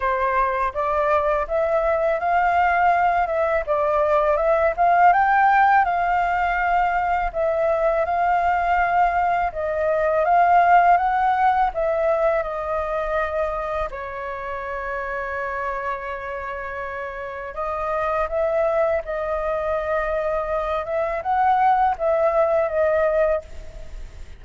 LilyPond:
\new Staff \with { instrumentName = "flute" } { \time 4/4 \tempo 4 = 82 c''4 d''4 e''4 f''4~ | f''8 e''8 d''4 e''8 f''8 g''4 | f''2 e''4 f''4~ | f''4 dis''4 f''4 fis''4 |
e''4 dis''2 cis''4~ | cis''1 | dis''4 e''4 dis''2~ | dis''8 e''8 fis''4 e''4 dis''4 | }